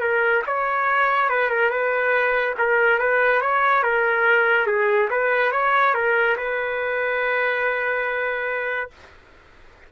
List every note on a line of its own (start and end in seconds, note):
0.00 0.42 A#4
0.46 1.29 C#5
1.29 1.49 B4
1.49 1.70 A#4
1.70 2.54 B4
2.58 2.98 A#4
2.98 3.41 B4
3.41 3.83 C#5
3.83 4.66 A#4
4.66 5.09 G#4
5.10 5.52 B4
5.52 5.94 C#5
5.94 6.36 A#4
6.36 8.90 B4